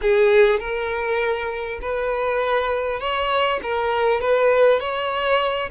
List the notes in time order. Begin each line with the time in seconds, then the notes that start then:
0.01 G#4
0.59 A#4
1.81 B4
2.99 C#5
3.62 A#4
4.21 B4
4.80 C#5